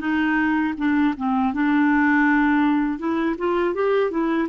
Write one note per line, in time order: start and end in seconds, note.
0.00 0.74 D#4
0.77 1.14 D4
1.18 1.54 C4
1.54 2.99 D4
2.99 3.36 E4
3.38 3.74 F4
3.74 4.11 G4
4.11 4.48 E4